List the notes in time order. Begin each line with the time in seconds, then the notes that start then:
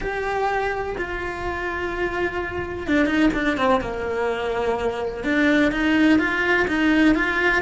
0.00 G4
0.97 F4
2.87 D4
3.05 D#4
3.33 D4
3.57 C4
3.81 A#3
5.24 D4
5.71 D#4
6.18 F4
6.67 D#4
7.14 F4